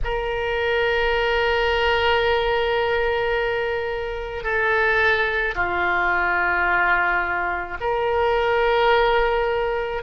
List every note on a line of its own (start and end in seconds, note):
0.04 4.43 A#4
4.43 5.54 A4
5.55 7.77 F4
7.80 10.03 A#4